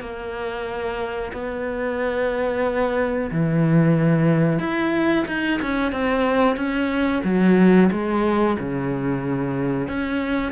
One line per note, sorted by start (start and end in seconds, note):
0.00 1.32 A#3
1.32 3.30 B3
3.31 4.59 E3
4.59 5.25 E4
5.27 5.60 D#4
5.61 5.92 C#4
5.92 6.56 C4
6.56 7.22 C#4
7.24 7.90 F#3
7.91 8.57 G#3
8.59 9.88 C#3
9.88 10.52 C#4